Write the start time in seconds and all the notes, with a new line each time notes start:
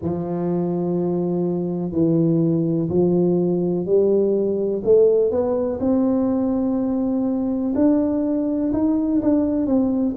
0.01 F3
1.91 E3
2.89 F3
3.85 G3
4.84 A3
5.30 B3
5.80 C4
7.75 D4
8.72 D#4
9.22 D4
9.66 C4